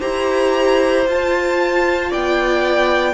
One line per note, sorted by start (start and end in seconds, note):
0.00 1.07 E4
0.00 1.06 G4
0.00 2.10 C5
0.00 1.07 A#5
1.07 2.12 F4
1.07 3.14 F4
1.07 2.12 A5
2.10 3.14 B3
2.10 3.14 D5
2.10 3.14 G5